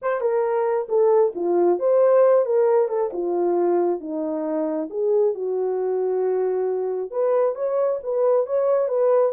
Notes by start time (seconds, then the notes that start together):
0.02 C5
0.21 A#4
0.88 A4
1.35 F4
1.79 C5
2.45 A#4
2.88 A4
3.12 F4
4.00 D#4
4.89 G#4
5.34 F#4
7.11 B4
7.55 C#5
8.03 B4
8.46 C#5
8.88 B4